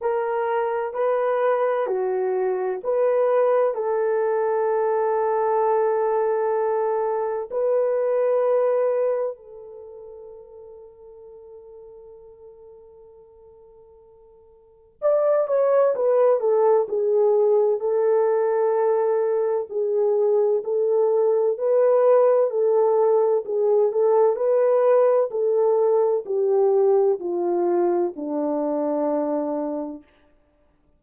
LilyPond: \new Staff \with { instrumentName = "horn" } { \time 4/4 \tempo 4 = 64 ais'4 b'4 fis'4 b'4 | a'1 | b'2 a'2~ | a'1 |
d''8 cis''8 b'8 a'8 gis'4 a'4~ | a'4 gis'4 a'4 b'4 | a'4 gis'8 a'8 b'4 a'4 | g'4 f'4 d'2 | }